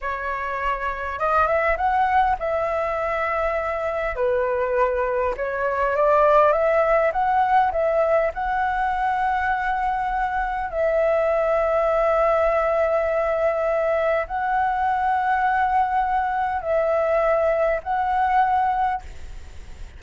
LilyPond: \new Staff \with { instrumentName = "flute" } { \time 4/4 \tempo 4 = 101 cis''2 dis''8 e''8 fis''4 | e''2. b'4~ | b'4 cis''4 d''4 e''4 | fis''4 e''4 fis''2~ |
fis''2 e''2~ | e''1 | fis''1 | e''2 fis''2 | }